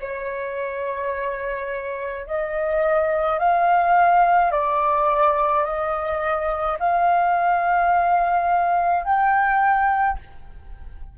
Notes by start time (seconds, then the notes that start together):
0.00 C#5
2.26 D#5
3.39 F5
4.51 D5
5.64 D#5
6.79 F5
9.04 G5